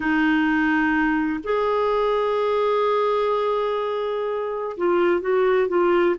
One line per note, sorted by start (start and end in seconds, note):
0.00 1.40 D#4
1.43 4.76 G#4
4.77 5.20 F4
5.20 5.68 F#4
5.68 6.15 F4